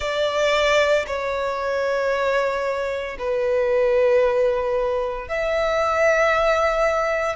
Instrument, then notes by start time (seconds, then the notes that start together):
violin
0.00 D5
1.06 C#5
3.18 B4
5.28 E5